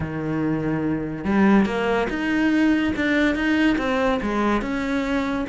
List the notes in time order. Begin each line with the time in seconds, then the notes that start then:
0.00 D#3
1.24 G3
1.65 A#3
2.09 D#4
2.96 D4
3.35 D#4
3.78 C4
4.22 G#3
4.61 C#4